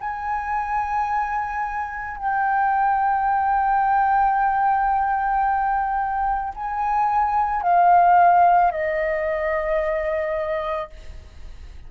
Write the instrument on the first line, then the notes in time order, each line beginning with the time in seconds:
flute
0.00 G#5
2.17 G5
6.54 G#5
7.62 F5
8.71 D#5